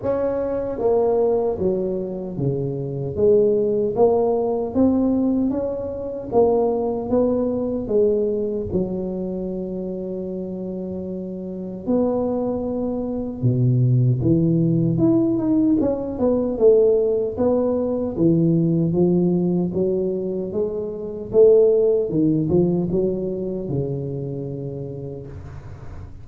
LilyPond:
\new Staff \with { instrumentName = "tuba" } { \time 4/4 \tempo 4 = 76 cis'4 ais4 fis4 cis4 | gis4 ais4 c'4 cis'4 | ais4 b4 gis4 fis4~ | fis2. b4~ |
b4 b,4 e4 e'8 dis'8 | cis'8 b8 a4 b4 e4 | f4 fis4 gis4 a4 | dis8 f8 fis4 cis2 | }